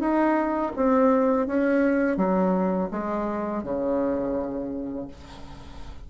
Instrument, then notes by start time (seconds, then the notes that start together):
bassoon
0.00 D#4
0.76 C4
1.47 C#4
2.17 F#3
2.91 G#3
3.63 C#3